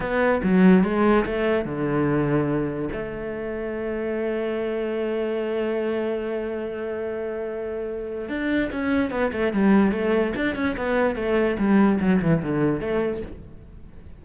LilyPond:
\new Staff \with { instrumentName = "cello" } { \time 4/4 \tempo 4 = 145 b4 fis4 gis4 a4 | d2. a4~ | a1~ | a1~ |
a1 | d'4 cis'4 b8 a8 g4 | a4 d'8 cis'8 b4 a4 | g4 fis8 e8 d4 a4 | }